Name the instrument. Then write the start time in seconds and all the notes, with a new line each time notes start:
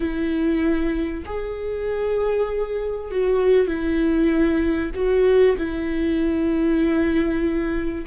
viola
0.00 E4
1.25 G#4
3.11 F#4
3.67 E4
4.94 F#4
5.57 E4